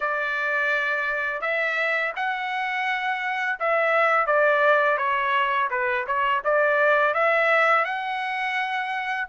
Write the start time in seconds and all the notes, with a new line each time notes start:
0.00 D5
1.41 E5
2.16 F#5
3.59 E5
4.26 D5
4.97 C#5
5.70 B4
6.06 C#5
6.44 D5
7.14 E5
7.84 F#5